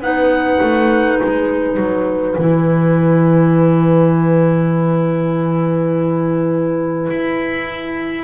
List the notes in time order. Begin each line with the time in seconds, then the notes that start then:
0.00 B3 D#4 B4 F#5
0.62 A3
1.17 G#3 G#5
1.76 F#3
2.37 E3 E4
7.10 E4